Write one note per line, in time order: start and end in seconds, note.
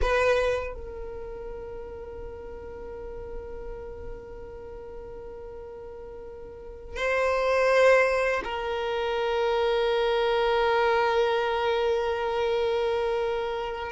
0.01 0.74 B4
0.74 6.95 A#4
6.95 8.42 C5
8.43 13.92 A#4